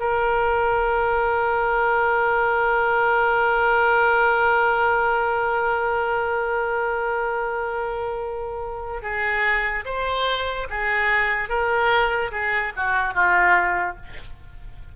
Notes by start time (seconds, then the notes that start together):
0.00 A#4
9.02 G#4
9.85 C5
10.70 G#4
11.49 A#4
12.31 G#4
12.76 F#4
13.14 F4